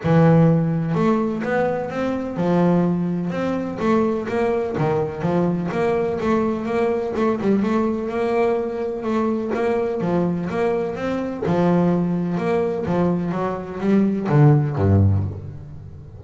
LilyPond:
\new Staff \with { instrumentName = "double bass" } { \time 4/4 \tempo 4 = 126 e2 a4 b4 | c'4 f2 c'4 | a4 ais4 dis4 f4 | ais4 a4 ais4 a8 g8 |
a4 ais2 a4 | ais4 f4 ais4 c'4 | f2 ais4 f4 | fis4 g4 d4 g,4 | }